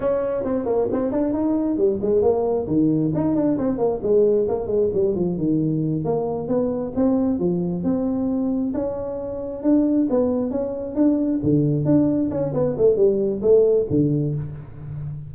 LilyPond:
\new Staff \with { instrumentName = "tuba" } { \time 4/4 \tempo 4 = 134 cis'4 c'8 ais8 c'8 d'8 dis'4 | g8 gis8 ais4 dis4 dis'8 d'8 | c'8 ais8 gis4 ais8 gis8 g8 f8 | dis4. ais4 b4 c'8~ |
c'8 f4 c'2 cis'8~ | cis'4. d'4 b4 cis'8~ | cis'8 d'4 d4 d'4 cis'8 | b8 a8 g4 a4 d4 | }